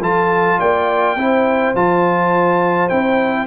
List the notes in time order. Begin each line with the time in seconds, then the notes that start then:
0.00 F3 F4 A4 A5
0.58 A#3 D5 G5
1.16 C4 E4 C5
1.75 F3 F4 A5
2.89 C4 E4 G5